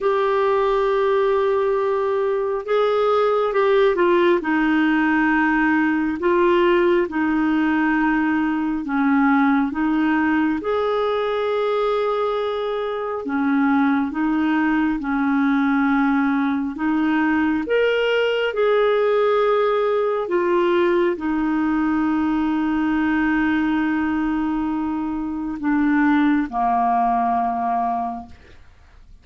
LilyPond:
\new Staff \with { instrumentName = "clarinet" } { \time 4/4 \tempo 4 = 68 g'2. gis'4 | g'8 f'8 dis'2 f'4 | dis'2 cis'4 dis'4 | gis'2. cis'4 |
dis'4 cis'2 dis'4 | ais'4 gis'2 f'4 | dis'1~ | dis'4 d'4 ais2 | }